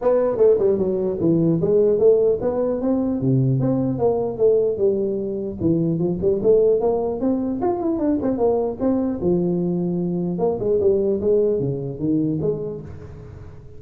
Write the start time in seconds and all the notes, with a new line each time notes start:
0.01 B3
0.37 A3
0.59 G3
0.78 F#3
1.20 E3
1.61 G#3
1.99 A3
2.41 B3
2.81 C4
3.20 C3
3.60 C4
3.98 A#3
4.37 A3
4.77 G3
5.60 E3
5.98 F3
6.21 G3
6.43 A3
6.80 A#3
7.20 C4
7.61 F4
7.79 E4
7.98 D4
8.21 C4
8.37 A#3
8.80 C4
9.21 F3
10.38 A#3
10.59 G#3
10.80 G3
11.20 G#3
11.59 C#3
11.99 D#3
12.41 G#3